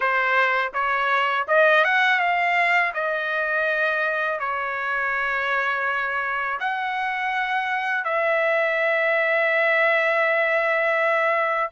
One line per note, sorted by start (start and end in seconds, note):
0.00 0.72 C5
0.73 1.46 C#5
1.47 1.84 D#5
1.84 2.19 F#5
2.19 2.92 F5
2.94 4.39 D#5
4.39 6.59 C#5
6.60 8.04 F#5
8.04 11.70 E5